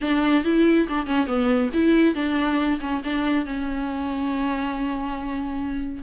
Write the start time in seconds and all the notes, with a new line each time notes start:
0.01 D4
0.44 E4
0.88 D4
1.06 C#4
1.26 B3
1.73 E4
2.14 D4
2.80 C#4
3.04 D4
3.45 C#4